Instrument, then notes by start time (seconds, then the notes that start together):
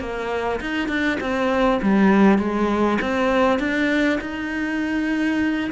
cello
0.00 A#3
0.60 D#4
0.88 D4
1.20 C4
1.82 G3
2.38 G#3
3.01 C4
3.59 D4
4.21 D#4